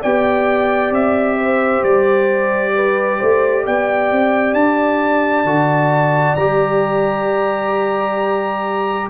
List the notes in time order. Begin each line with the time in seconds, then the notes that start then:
0.00 B3 G4 D5 G5
0.91 C4 E5
1.37 C5
1.83 G3 D5
2.75 B4
3.18 A3 C5
3.65 B3 D5 G5
4.11 C4
4.53 D4 A5
5.44 D3 F#4
6.35 G3 G4 A#5